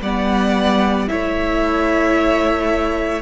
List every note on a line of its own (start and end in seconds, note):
0.00 1.07 G3
0.00 1.08 B3
0.00 1.09 D5
0.00 1.08 F#5
1.08 3.21 A3
1.08 3.21 E4
1.08 3.21 C#5
1.08 3.21 E5